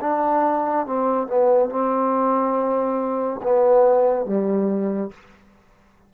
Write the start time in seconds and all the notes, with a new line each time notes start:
0.00 D4
0.86 C4
1.27 B3
1.69 C4
3.42 B3
4.25 G3